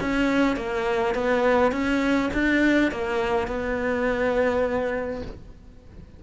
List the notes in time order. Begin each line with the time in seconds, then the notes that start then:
0.00 C#4
0.56 A#3
1.14 B3
1.72 C#4
2.33 D4
2.91 A#3
3.47 B3